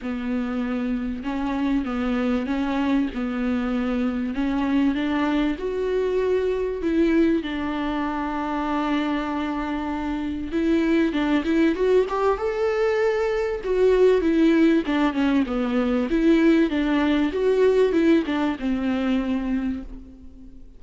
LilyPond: \new Staff \with { instrumentName = "viola" } { \time 4/4 \tempo 4 = 97 b2 cis'4 b4 | cis'4 b2 cis'4 | d'4 fis'2 e'4 | d'1~ |
d'4 e'4 d'8 e'8 fis'8 g'8 | a'2 fis'4 e'4 | d'8 cis'8 b4 e'4 d'4 | fis'4 e'8 d'8 c'2 | }